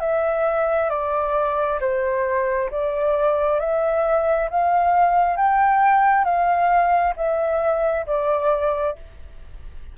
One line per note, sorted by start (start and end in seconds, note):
0.00 0.90 E5
0.90 1.79 D5
1.80 2.70 C5
2.71 3.59 D5
3.59 4.49 E5
4.50 5.36 F5
5.36 6.24 G5
6.24 7.14 F5
7.16 8.06 E5
8.06 8.96 D5